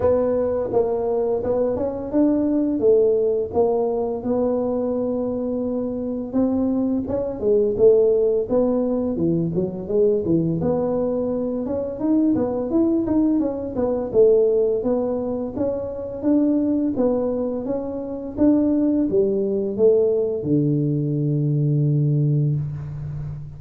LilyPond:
\new Staff \with { instrumentName = "tuba" } { \time 4/4 \tempo 4 = 85 b4 ais4 b8 cis'8 d'4 | a4 ais4 b2~ | b4 c'4 cis'8 gis8 a4 | b4 e8 fis8 gis8 e8 b4~ |
b8 cis'8 dis'8 b8 e'8 dis'8 cis'8 b8 | a4 b4 cis'4 d'4 | b4 cis'4 d'4 g4 | a4 d2. | }